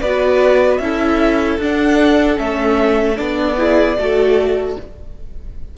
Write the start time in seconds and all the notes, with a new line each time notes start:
0.00 B3 F#4 B4 D5
0.77 C#4 E4 A4 E5
1.58 D4 F#5
2.36 A3 C#4 E5
3.17 B3 D4 D5
3.57 E4 G#4
3.97 A3 F#4 A4